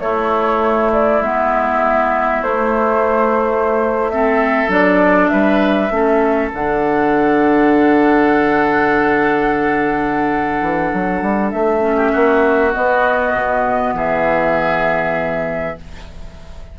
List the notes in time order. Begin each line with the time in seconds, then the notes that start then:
0.00 A3 E4 C#5
0.93 D5
1.21 G#3 B3 E5
2.43 A3 C5
4.10 C4 A4 E5
4.68 F#3 D4 D5
5.29 G3 B4 E5
5.91 A3 C#4 A4
6.54 D3 D4 F#5
10.62 E3
10.93 F#3
11.22 G3
11.51 A3 E5
11.80 C#4
11.97 G4
12.13 A#3 F#4
12.73 B3 D#5
13.34 B2
13.94 E3 G#4 E5